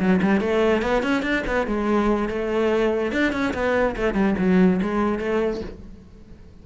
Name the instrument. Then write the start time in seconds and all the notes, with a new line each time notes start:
cello
0.00 F#3
0.22 G3
0.41 A3
0.82 B3
1.03 C#4
1.23 D4
1.47 B3
1.67 G#3
2.29 A3
3.12 D4
3.33 C#4
3.54 B3
3.97 A3
4.14 G3
4.39 F#3
4.82 G#3
5.19 A3